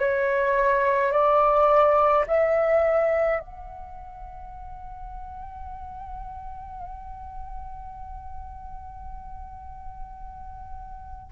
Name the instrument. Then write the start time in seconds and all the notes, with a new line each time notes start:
flute
0.00 C#5
1.13 D5
2.27 E5
3.40 F#5